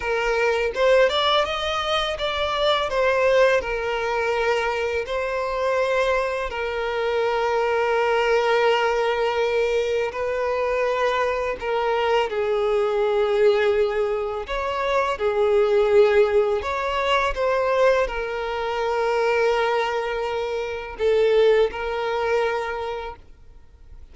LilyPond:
\new Staff \with { instrumentName = "violin" } { \time 4/4 \tempo 4 = 83 ais'4 c''8 d''8 dis''4 d''4 | c''4 ais'2 c''4~ | c''4 ais'2.~ | ais'2 b'2 |
ais'4 gis'2. | cis''4 gis'2 cis''4 | c''4 ais'2.~ | ais'4 a'4 ais'2 | }